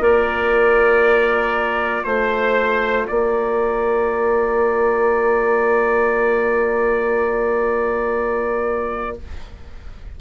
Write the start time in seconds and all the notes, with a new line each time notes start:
0.00 A#3 F4 A#4 D5
2.04 A3 C5
3.04 A#4 D5
3.10 A#3